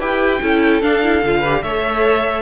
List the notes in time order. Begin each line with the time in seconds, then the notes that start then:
0.00 E4 G4 B4 G5
0.42 C#4 E4 A4
0.83 D4 F5
1.04 E4
1.23 D3 F4
1.40 G4 B4
1.63 A3 A4 C#5 E5